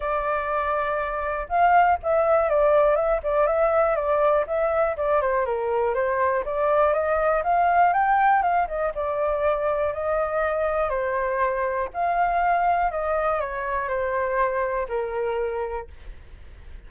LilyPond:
\new Staff \with { instrumentName = "flute" } { \time 4/4 \tempo 4 = 121 d''2. f''4 | e''4 d''4 e''8 d''8 e''4 | d''4 e''4 d''8 c''8 ais'4 | c''4 d''4 dis''4 f''4 |
g''4 f''8 dis''8 d''2 | dis''2 c''2 | f''2 dis''4 cis''4 | c''2 ais'2 | }